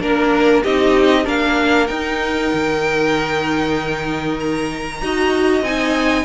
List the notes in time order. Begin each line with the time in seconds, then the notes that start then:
0.00 A#3 D4 A#4
0.63 C4 D#4 G4 D#5
1.25 A#3 D4 A#4 F5
1.87 D#4 G5
2.53 D#3
4.40 A#5
5.01 D#4 F#4 D#5
5.62 C4 D#4 G#5